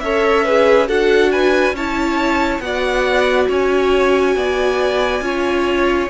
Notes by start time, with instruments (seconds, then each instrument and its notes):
0.00 cello C#4, viola A4, violin C#5 E5
0.44 viola G#4, violin B4
0.87 cello D4, viola F#4, violin A4 F#5
1.32 violin B4 G#5
1.72 cello C#4, viola E4, violin C#5 A5
2.60 cello B3, viola F#4, violin D5 F#5
3.48 cello C#4, violin C#5 G#5
4.36 cello B3, violin D5
5.21 cello C#4, viola F4, violin C#5